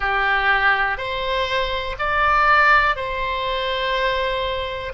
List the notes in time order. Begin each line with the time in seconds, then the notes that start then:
0.00 G4
0.97 C5
1.99 D5
2.96 C5